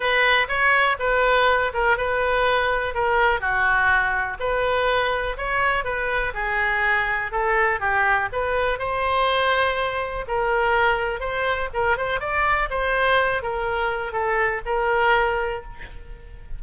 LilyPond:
\new Staff \with { instrumentName = "oboe" } { \time 4/4 \tempo 4 = 123 b'4 cis''4 b'4. ais'8 | b'2 ais'4 fis'4~ | fis'4 b'2 cis''4 | b'4 gis'2 a'4 |
g'4 b'4 c''2~ | c''4 ais'2 c''4 | ais'8 c''8 d''4 c''4. ais'8~ | ais'4 a'4 ais'2 | }